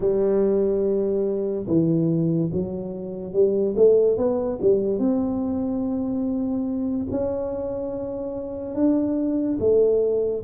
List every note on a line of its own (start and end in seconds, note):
0.00 1.66 G3
1.67 2.50 E3
2.52 3.33 F#3
3.33 3.74 G3
3.76 4.17 A3
4.17 4.58 B3
4.61 4.98 G3
4.98 7.06 C4
7.11 8.74 C#4
8.74 9.58 D4
9.59 10.43 A3